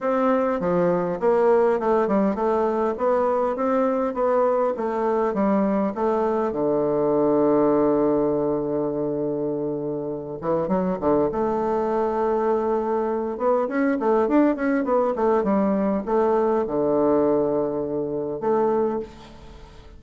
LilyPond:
\new Staff \with { instrumentName = "bassoon" } { \time 4/4 \tempo 4 = 101 c'4 f4 ais4 a8 g8 | a4 b4 c'4 b4 | a4 g4 a4 d4~ | d1~ |
d4. e8 fis8 d8 a4~ | a2~ a8 b8 cis'8 a8 | d'8 cis'8 b8 a8 g4 a4 | d2. a4 | }